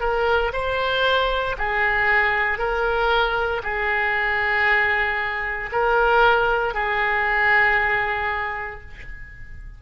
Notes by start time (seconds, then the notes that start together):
0.00 A#4
0.53 C5
1.58 G#4
2.58 A#4
3.63 G#4
5.72 A#4
6.74 G#4